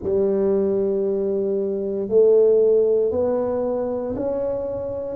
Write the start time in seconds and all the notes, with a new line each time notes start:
0.02 G3
2.08 A3
3.11 B3
4.15 C#4